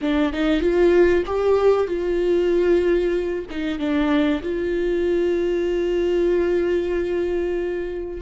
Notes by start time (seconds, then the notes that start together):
0.01 D4
0.32 D#4
0.60 F4
1.26 G4
1.87 F4
3.50 D#4
3.78 D4
4.42 F4